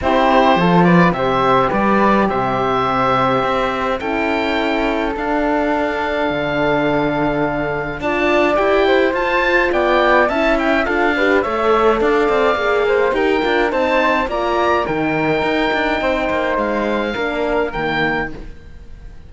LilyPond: <<
  \new Staff \with { instrumentName = "oboe" } { \time 4/4 \tempo 4 = 105 c''4. d''8 e''4 d''4 | e''2. g''4~ | g''4 f''2.~ | f''2 a''4 g''4 |
a''4 g''4 a''8 g''8 f''4 | e''4 f''2 g''4 | a''4 ais''4 g''2~ | g''4 f''2 g''4 | }
  \new Staff \with { instrumentName = "flute" } { \time 4/4 g'4 a'8 b'8 c''4 b'4 | c''2. a'4~ | a'1~ | a'2 d''4. c''8~ |
c''4 d''4 e''4 a'8 b'8 | cis''4 d''4. c''8 ais'4 | c''4 d''4 ais'2 | c''2 ais'2 | }
  \new Staff \with { instrumentName = "horn" } { \time 4/4 e'4 f'4 g'2~ | g'2. e'4~ | e'4 d'2.~ | d'2 f'4 g'4 |
f'2 e'4 f'8 g'8 | a'2 gis'4 g'8 f'8 | dis'4 f'4 dis'2~ | dis'2 d'4 ais4 | }
  \new Staff \with { instrumentName = "cello" } { \time 4/4 c'4 f4 c4 g4 | c2 c'4 cis'4~ | cis'4 d'2 d4~ | d2 d'4 e'4 |
f'4 b4 cis'4 d'4 | a4 d'8 c'8 ais4 dis'8 d'8 | c'4 ais4 dis4 dis'8 d'8 | c'8 ais8 gis4 ais4 dis4 | }
>>